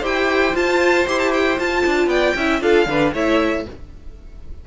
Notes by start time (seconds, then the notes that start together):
0.00 E4 G4 C5 G5
0.54 F4 A5
1.07 E4 G4 C6
1.19 A5
1.34 G5
1.58 F4 A5
1.86 D4
2.07 B3 D5 G5
2.36 C#4 E4 E5
2.62 D4 F4 A4 F5
2.86 D3 D4 B4
3.14 A3 E4 C#5 E5